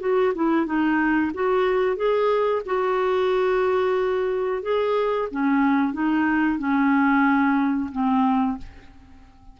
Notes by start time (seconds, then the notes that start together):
0.00 F#4
0.35 E4
0.66 D#4
1.34 F#4
1.96 G#4
2.66 F#4
4.62 G#4
5.31 C#4
5.93 D#4
6.58 C#4
7.92 C4